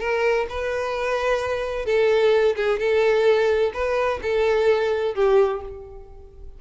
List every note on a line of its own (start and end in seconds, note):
0.00 0.47 A#4
0.50 1.86 B4
1.86 2.56 A4
2.56 2.79 G#4
2.79 3.72 A4
3.74 4.20 B4
4.23 5.15 A4
5.15 5.61 G4